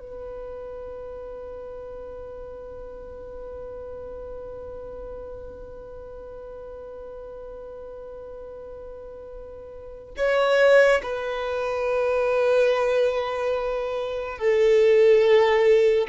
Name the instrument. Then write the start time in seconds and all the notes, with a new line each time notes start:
violin
0.00 B4
10.17 C#5
11.03 B4
14.39 A4